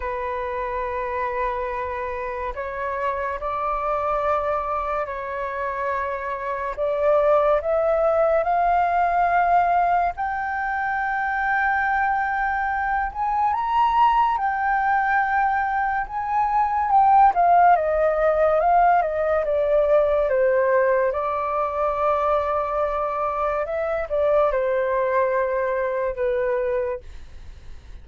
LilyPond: \new Staff \with { instrumentName = "flute" } { \time 4/4 \tempo 4 = 71 b'2. cis''4 | d''2 cis''2 | d''4 e''4 f''2 | g''2.~ g''8 gis''8 |
ais''4 g''2 gis''4 | g''8 f''8 dis''4 f''8 dis''8 d''4 | c''4 d''2. | e''8 d''8 c''2 b'4 | }